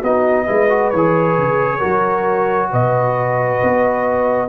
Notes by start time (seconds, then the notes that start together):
0.00 B3 D#4 F#4 D#5
0.46 G#3 E4 B4
0.69 F#4
0.90 E3 C#5
0.97 G#4
1.38 C#3
1.78 F#3 F#4 A#4
2.71 B2 B4 D#5
3.63 B3